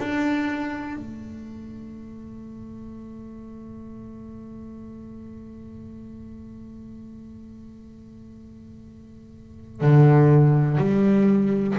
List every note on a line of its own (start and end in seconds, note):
0.00 0.97 D4
0.97 9.82 A3
9.82 10.78 D3
10.78 11.76 G3